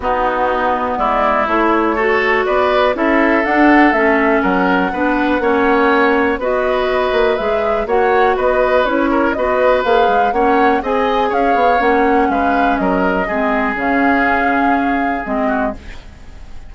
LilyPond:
<<
  \new Staff \with { instrumentName = "flute" } { \time 4/4 \tempo 4 = 122 fis'2 d''4 cis''4~ | cis''4 d''4 e''4 fis''4 | e''4 fis''2.~ | fis''4 dis''2 e''4 |
fis''4 dis''4 cis''4 dis''4 | f''4 fis''4 gis''4 f''4 | fis''4 f''4 dis''2 | f''2. dis''4 | }
  \new Staff \with { instrumentName = "oboe" } { \time 4/4 dis'2 e'2 | a'4 b'4 a'2~ | a'4 ais'4 b'4 cis''4~ | cis''4 b'2. |
cis''4 b'4. ais'8 b'4~ | b'4 cis''4 dis''4 cis''4~ | cis''4 b'4 ais'4 gis'4~ | gis'2.~ gis'8 fis'8 | }
  \new Staff \with { instrumentName = "clarinet" } { \time 4/4 b2. e'4 | fis'2 e'4 d'4 | cis'2 d'4 cis'4~ | cis'4 fis'2 gis'4 |
fis'2 e'4 fis'4 | gis'4 cis'4 gis'2 | cis'2. c'4 | cis'2. c'4 | }
  \new Staff \with { instrumentName = "bassoon" } { \time 4/4 b2 gis4 a4~ | a4 b4 cis'4 d'4 | a4 fis4 b4 ais4~ | ais4 b4. ais8 gis4 |
ais4 b4 cis'4 b4 | ais8 gis8 ais4 c'4 cis'8 b8 | ais4 gis4 fis4 gis4 | cis2. gis4 | }
>>